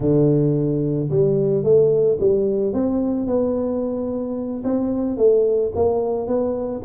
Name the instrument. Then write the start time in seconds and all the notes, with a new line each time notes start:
tuba
0.00 D3
1.10 G3
1.63 A3
2.19 G3
2.73 C4
3.26 B3
4.64 C4
5.17 A3
5.75 A#3
6.27 B3